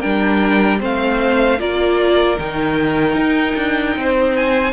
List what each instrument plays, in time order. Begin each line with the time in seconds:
0.00 cello G3, viola D4, violin A#4 G5
0.79 cello A3, viola C4, violin C5 F5
1.58 cello A#3, viola F4, violin A#4 D5
2.37 cello D#3, viola D#4, violin G5
3.15 cello D#4
3.56 cello D4
3.96 cello C4, violin C5
4.36 violin G#5